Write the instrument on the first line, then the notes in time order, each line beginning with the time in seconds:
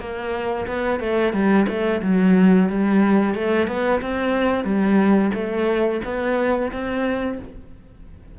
cello
0.00 A#3
0.67 B3
1.00 A3
1.33 G3
1.68 A3
2.02 F#3
2.69 G3
3.35 A3
3.68 B3
4.02 C4
4.65 G3
5.34 A3
6.05 B3
6.72 C4